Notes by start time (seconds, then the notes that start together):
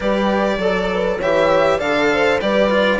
0.00 G3 G4 B4 D5
0.58 F#3 A4
0.93 B4
1.17 E3 G4 C#5 E5
1.77 D3 A4 D5 F5
2.12 C5
2.40 G3 G4 B4 D5
2.69 F4